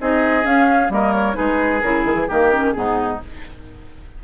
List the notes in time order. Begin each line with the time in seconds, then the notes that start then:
0.00 C4 D#4 G#4 D#5
0.43 C#4 F5
0.90 G3 A#3 A#4 D#5
1.13 C#5
1.34 G#3 D#4 G#4 B4
1.82 C#3 E4 A#4
2.06 D#3 G#4
2.15 E3
2.28 D#3 A#3 G4 A#4
2.53 C#4
2.72 G#2 B3 D#4 G#4